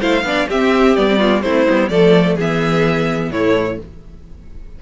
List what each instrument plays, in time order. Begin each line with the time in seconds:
0.00 cello A3, viola E4, violin C5 F5
0.22 cello B3, viola D4, violin D5
0.47 cello C4, viola C4, violin G4 E5
0.96 cello G3, viola B3, violin D5
1.07 viola C4
1.17 viola B3, violin F4
1.41 cello A3, viola C4, violin E4 C5
1.68 cello G3, viola B3
1.88 cello F3, viola A3, violin A4 D5
2.35 cello E3, viola B3, violin G#4 E5
3.30 cello A2, viola A3, violin E4 C#5